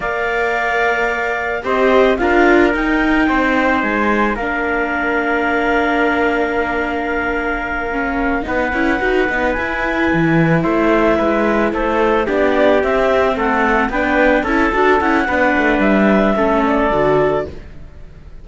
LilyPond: <<
  \new Staff \with { instrumentName = "clarinet" } { \time 4/4 \tempo 4 = 110 f''2. dis''4 | f''4 g''2 gis''4 | f''1~ | f''2.~ f''8 fis''8~ |
fis''4. gis''2 e''8~ | e''4. c''4 d''4 e''8~ | e''8 fis''4 g''4 a''4 fis''8~ | fis''4 e''4. d''4. | }
  \new Staff \with { instrumentName = "trumpet" } { \time 4/4 d''2. c''4 | ais'2 c''2 | ais'1~ | ais'2.~ ais'8 b'8~ |
b'2.~ b'8 c''8~ | c''8 b'4 a'4 g'4.~ | g'8 a'4 b'4 a'4. | b'2 a'2 | }
  \new Staff \with { instrumentName = "viola" } { \time 4/4 ais'2. g'4 | f'4 dis'2. | d'1~ | d'2~ d'8 cis'4 dis'8 |
e'8 fis'8 dis'8 e'2~ e'8~ | e'2~ e'8 d'4 c'8~ | c'4. d'4 e'8 fis'8 e'8 | d'2 cis'4 fis'4 | }
  \new Staff \with { instrumentName = "cello" } { \time 4/4 ais2. c'4 | d'4 dis'4 c'4 gis4 | ais1~ | ais2.~ ais8 b8 |
cis'8 dis'8 b8 e'4 e4 a8~ | a8 gis4 a4 b4 c'8~ | c'8 a4 b4 cis'8 d'8 cis'8 | b8 a8 g4 a4 d4 | }
>>